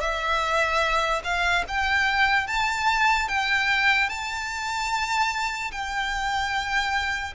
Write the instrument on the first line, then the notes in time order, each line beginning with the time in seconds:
violin
0.00 E5
1.23 F5
1.68 G5
2.47 A5
3.28 G5
4.09 A5
5.71 G5